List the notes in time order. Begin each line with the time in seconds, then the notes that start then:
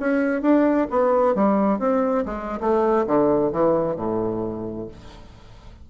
0.00 C#4
0.42 D4
0.91 B3
1.35 G3
1.79 C4
2.26 G#3
2.60 A3
3.07 D3
3.52 E3
3.96 A2